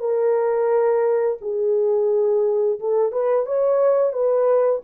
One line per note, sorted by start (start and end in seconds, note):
0.00 1.38 A#4
1.41 2.79 G#4
2.80 3.13 A4
3.13 3.46 B4
3.46 4.13 C#5
4.13 4.82 B4